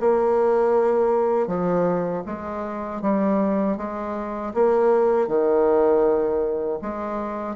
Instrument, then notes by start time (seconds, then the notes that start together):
bassoon
0.00 A#3
1.47 F3
2.26 G#3
3.01 G3
3.77 G#3
4.54 A#3
5.28 D#3
6.81 G#3